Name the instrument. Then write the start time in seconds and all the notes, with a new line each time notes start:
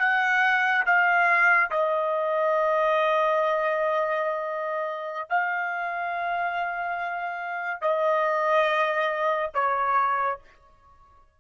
trumpet
0.00 F#5
0.86 F5
1.71 D#5
5.30 F5
7.82 D#5
9.55 C#5